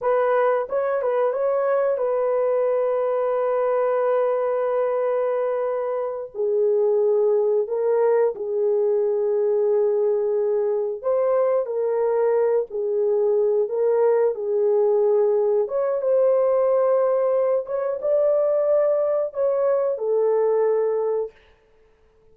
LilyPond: \new Staff \with { instrumentName = "horn" } { \time 4/4 \tempo 4 = 90 b'4 cis''8 b'8 cis''4 b'4~ | b'1~ | b'4. gis'2 ais'8~ | ais'8 gis'2.~ gis'8~ |
gis'8 c''4 ais'4. gis'4~ | gis'8 ais'4 gis'2 cis''8 | c''2~ c''8 cis''8 d''4~ | d''4 cis''4 a'2 | }